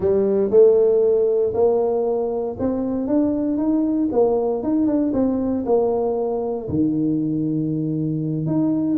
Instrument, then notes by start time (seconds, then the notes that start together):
tuba
0.00 G3
0.50 A3
1.54 A#3
2.59 C4
3.07 D4
3.57 D#4
4.11 A#3
4.63 D#4
4.86 D4
5.13 C4
5.65 A#3
6.69 D#3
8.46 D#4